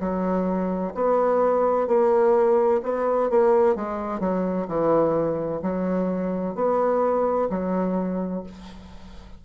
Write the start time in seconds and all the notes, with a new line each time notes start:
0.00 F#3
0.95 B3
1.87 A#3
2.83 B3
3.30 A#3
3.76 G#3
4.20 F#3
4.68 E3
5.62 F#3
6.55 B3
7.50 F#3